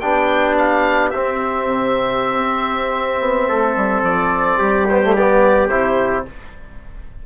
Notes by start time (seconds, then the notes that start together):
0.00 B3 D4 G4 G5
0.58 F5
1.10 C4 E5
1.67 C3
2.38 C4
3.20 B3
3.48 A3 A4
3.77 G3
4.02 F3 D5
4.58 G3 G4
4.88 B3 C5
5.03 A3
5.16 B3 D5
5.69 C3 E4 C5